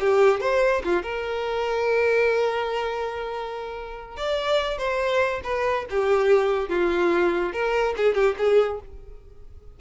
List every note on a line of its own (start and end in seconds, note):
0.00 0.40 G4
0.40 0.82 C5
0.84 1.03 F4
1.03 4.17 A#4
4.17 4.78 D5
4.78 5.41 C5
5.44 5.86 B4
5.90 6.69 G4
6.69 7.53 F4
7.53 7.95 A#4
7.97 8.15 G#4
8.15 8.36 G4
8.38 8.80 G#4